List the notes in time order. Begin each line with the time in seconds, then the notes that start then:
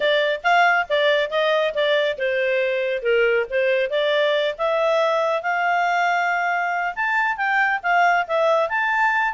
0.00 D5
0.43 F5
0.89 D5
1.30 D#5
1.74 D5
2.17 C5
3.02 A#4
3.50 C5
3.90 D5
4.58 E5
5.42 F5
6.95 A5
7.36 G5
7.82 F5
8.27 E5
8.69 A5